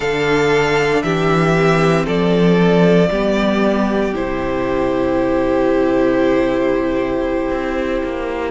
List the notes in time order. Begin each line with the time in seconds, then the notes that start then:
0.00 D3 D4 A4 F5
1.02 E3 G4 E5
1.55 C4
2.05 F3 A4 D5
3.10 G3 B3 G4
4.14 C3 E4 C5
7.50 C4
8.03 A#3